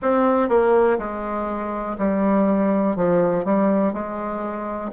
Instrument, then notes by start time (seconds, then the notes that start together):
bassoon
0.02 C4
0.49 A#3
0.98 G#3
1.98 G3
2.96 F3
3.44 G3
3.93 G#3